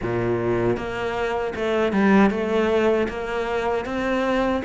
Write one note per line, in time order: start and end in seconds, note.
0.02 0.76 A#2
0.76 1.53 A#3
1.55 1.92 A3
1.92 2.30 G3
2.30 3.07 A3
3.08 3.85 A#3
3.85 4.62 C4